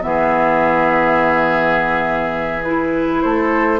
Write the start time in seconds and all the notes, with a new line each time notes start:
0.00 E3 B3 E5
0.06 G#4
2.64 E4 B4
3.22 A3 A4 C5